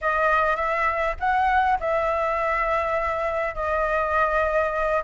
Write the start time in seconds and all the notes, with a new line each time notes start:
0.01 D#5
0.56 E5
1.19 F#5
1.80 E5
3.55 D#5